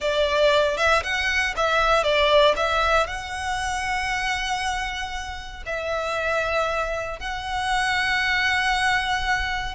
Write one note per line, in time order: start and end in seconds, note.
0.00 0.77 D5
0.77 1.02 E5
1.03 1.54 F#5
1.56 2.03 E5
2.03 2.54 D5
2.56 3.07 E5
3.07 5.63 F#5
5.65 7.19 E5
7.19 9.74 F#5